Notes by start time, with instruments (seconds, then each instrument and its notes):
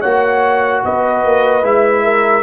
0.00 tuba A#3, trombone F#4, horn C#5, trumpet F#5
0.85 tuba B3, horn B4, trumpet D#5
1.24 tuba A#3
1.62 tuba G#3, trombone E4, trumpet E5
2.04 horn A#4